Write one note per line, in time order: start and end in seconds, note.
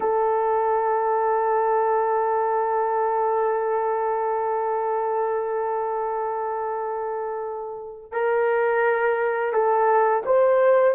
0.00 8.11 A4
8.11 9.52 A#4
9.52 10.23 A4
10.25 10.94 C5